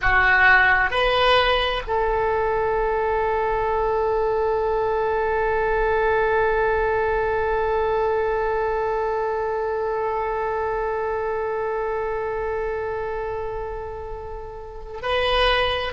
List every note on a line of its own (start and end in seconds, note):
0.01 0.90 F#4
0.90 1.82 B4
1.87 15.02 A4
15.02 15.92 B4